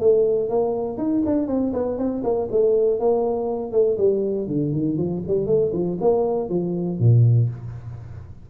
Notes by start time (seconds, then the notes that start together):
0.00 A3
0.49 A#3
0.97 D#4
1.25 D4
1.47 C4
1.73 B3
1.98 C4
2.23 A#3
2.51 A3
2.99 A#3
3.72 A3
3.97 G3
4.47 D3
4.72 D#3
4.97 F3
5.27 G3
5.46 A3
5.73 F3
6.00 A#3
6.49 F3
6.99 A#2